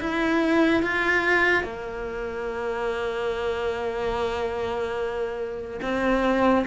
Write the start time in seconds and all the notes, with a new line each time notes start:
0.00 E4
0.83 F4
1.63 A#3
5.82 C4